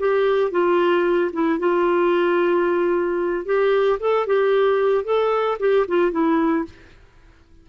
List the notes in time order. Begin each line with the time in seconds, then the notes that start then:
0.00 G4
0.51 F4
1.33 E4
1.59 F4
3.46 G4
4.00 A4
4.27 G4
5.05 A4
5.60 G4
5.88 F4
6.12 E4